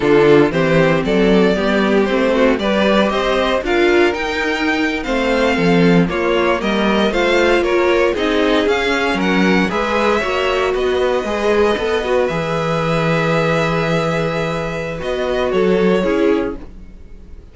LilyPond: <<
  \new Staff \with { instrumentName = "violin" } { \time 4/4 \tempo 4 = 116 a'4 c''4 d''2 | c''4 d''4 dis''4 f''4 | g''4.~ g''16 f''2 cis''16~ | cis''8. dis''4 f''4 cis''4 dis''16~ |
dis''8. f''4 fis''4 e''4~ e''16~ | e''8. dis''2. e''16~ | e''1~ | e''4 dis''4 cis''2 | }
  \new Staff \with { instrumentName = "violin" } { \time 4/4 f'4 g'4 a'4 g'4~ | g'8 fis'8 b'4 c''4 ais'4~ | ais'4.~ ais'16 c''4 a'4 f'16~ | f'8. ais'4 c''4 ais'4 gis'16~ |
gis'4.~ gis'16 ais'4 b'4 cis''16~ | cis''8. b'2.~ b'16~ | b'1~ | b'2 a'4 gis'4 | }
  \new Staff \with { instrumentName = "viola" } { \time 4/4 d'4 c'2 b4 | c'4 g'2 f'4 | dis'4.~ dis'16 c'2 ais16~ | ais4.~ ais16 f'2 dis'16~ |
dis'8. cis'2 gis'4 fis'16~ | fis'4.~ fis'16 gis'4 a'8 fis'8 gis'16~ | gis'1~ | gis'4 fis'2 e'4 | }
  \new Staff \with { instrumentName = "cello" } { \time 4/4 d4 e4 fis4 g4 | a4 g4 c'4 d'4 | dis'4.~ dis'16 a4 f4 ais16~ | ais8. g4 a4 ais4 c'16~ |
c'8. cis'4 fis4 gis4 ais16~ | ais8. b4 gis4 b4 e16~ | e1~ | e4 b4 fis4 cis'4 | }
>>